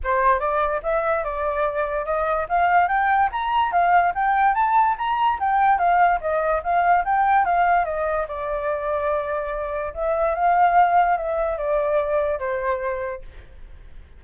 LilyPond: \new Staff \with { instrumentName = "flute" } { \time 4/4 \tempo 4 = 145 c''4 d''4 e''4 d''4~ | d''4 dis''4 f''4 g''4 | ais''4 f''4 g''4 a''4 | ais''4 g''4 f''4 dis''4 |
f''4 g''4 f''4 dis''4 | d''1 | e''4 f''2 e''4 | d''2 c''2 | }